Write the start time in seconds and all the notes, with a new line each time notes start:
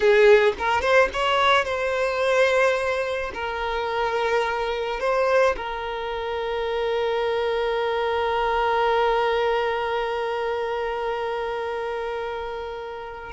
0.00 G#4
0.58 A#4
0.81 C5
1.13 C#5
1.64 C5
3.33 A#4
5.00 C5
5.57 A#4